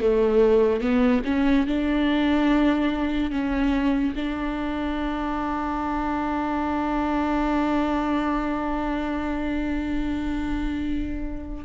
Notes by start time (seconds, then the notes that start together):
0.00 A3
0.80 B3
1.25 C#4
1.67 D4
3.30 C#4
4.16 D4